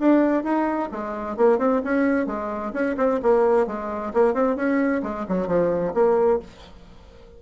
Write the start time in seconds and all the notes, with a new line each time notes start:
0.00 D4
0.44 D#4
0.92 G#3
1.37 A#3
1.59 C4
1.84 C#4
2.27 G#3
2.74 C#4
2.98 C4
3.23 A#3
3.67 G#3
4.14 A#3
4.35 C4
4.57 C#4
5.03 G#3
5.29 F#3
5.48 F3
5.94 A#3